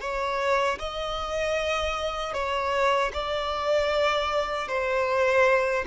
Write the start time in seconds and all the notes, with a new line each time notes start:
0.00 C#5
0.78 D#5
2.33 C#5
3.12 D5
4.68 C5